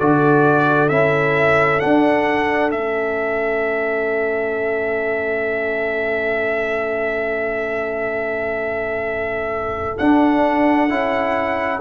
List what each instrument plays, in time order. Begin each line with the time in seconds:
0.00 tuba D3, trombone F#4, horn A4, trumpet D5
0.89 tuba C#4, trombone E4, trumpet E5
1.80 trombone D4, tuba D4, trumpet F#5
2.71 tuba A3, trombone C#4, trumpet E5
9.98 trombone D4, tuba D4, trumpet F#5
10.90 tuba C#4, trombone E4